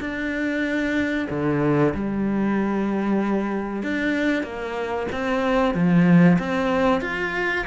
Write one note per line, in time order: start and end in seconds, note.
0.00 1.28 D4
1.30 1.94 D3
1.94 3.82 G3
3.82 4.43 D4
4.43 5.07 A#3
5.12 5.74 C4
5.74 6.38 F3
6.39 7.01 C4
7.01 7.65 F4